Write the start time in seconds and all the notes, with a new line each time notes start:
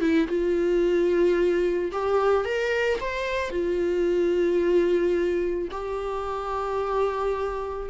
0.00 E4
0.28 F4
1.92 G4
2.44 A#4
3.00 C5
3.50 F4
5.71 G4